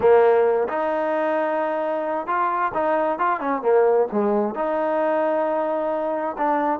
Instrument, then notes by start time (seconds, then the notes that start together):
trombone
0.00 A#3
0.68 D#4
2.26 F4
2.74 D#4
3.18 F4
3.40 C#4
3.62 A#3
4.11 G#3
4.54 D#4
6.37 D4